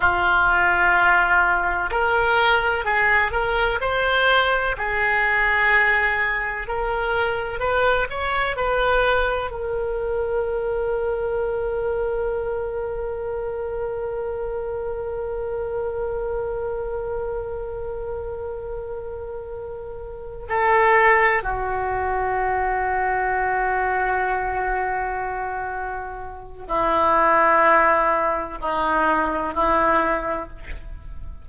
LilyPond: \new Staff \with { instrumentName = "oboe" } { \time 4/4 \tempo 4 = 63 f'2 ais'4 gis'8 ais'8 | c''4 gis'2 ais'4 | b'8 cis''8 b'4 ais'2~ | ais'1~ |
ais'1~ | ais'4. a'4 fis'4.~ | fis'1 | e'2 dis'4 e'4 | }